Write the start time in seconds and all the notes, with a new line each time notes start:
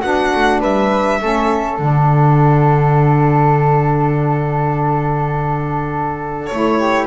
0.00 B3 D4 F#4 F#5
0.34 A3
0.59 G3 B4 E5
1.20 A3 C#4 A4
1.78 D3 D4 F#5
6.46 A3 E4 C#5
6.79 G4